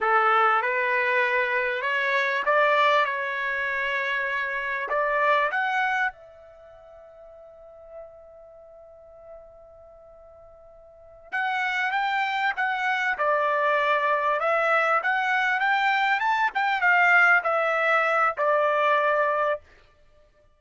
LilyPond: \new Staff \with { instrumentName = "trumpet" } { \time 4/4 \tempo 4 = 98 a'4 b'2 cis''4 | d''4 cis''2. | d''4 fis''4 e''2~ | e''1~ |
e''2~ e''8 fis''4 g''8~ | g''8 fis''4 d''2 e''8~ | e''8 fis''4 g''4 a''8 g''8 f''8~ | f''8 e''4. d''2 | }